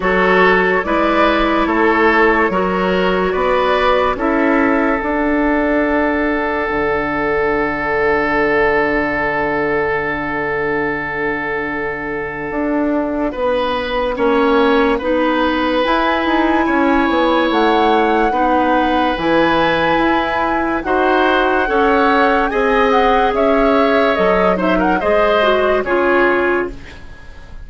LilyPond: <<
  \new Staff \with { instrumentName = "flute" } { \time 4/4 \tempo 4 = 72 cis''4 d''4 cis''2 | d''4 e''4 fis''2~ | fis''1~ | fis''1~ |
fis''2. gis''4~ | gis''4 fis''2 gis''4~ | gis''4 fis''2 gis''8 fis''8 | e''4 dis''8 e''16 fis''16 dis''4 cis''4 | }
  \new Staff \with { instrumentName = "oboe" } { \time 4/4 a'4 b'4 a'4 ais'4 | b'4 a'2.~ | a'1~ | a'1 |
b'4 cis''4 b'2 | cis''2 b'2~ | b'4 c''4 cis''4 dis''4 | cis''4. c''16 ais'16 c''4 gis'4 | }
  \new Staff \with { instrumentName = "clarinet" } { \time 4/4 fis'4 e'2 fis'4~ | fis'4 e'4 d'2~ | d'1~ | d'1~ |
d'4 cis'4 dis'4 e'4~ | e'2 dis'4 e'4~ | e'4 fis'4 a'4 gis'4~ | gis'4 a'8 dis'8 gis'8 fis'8 f'4 | }
  \new Staff \with { instrumentName = "bassoon" } { \time 4/4 fis4 gis4 a4 fis4 | b4 cis'4 d'2 | d1~ | d2. d'4 |
b4 ais4 b4 e'8 dis'8 | cis'8 b8 a4 b4 e4 | e'4 dis'4 cis'4 c'4 | cis'4 fis4 gis4 cis4 | }
>>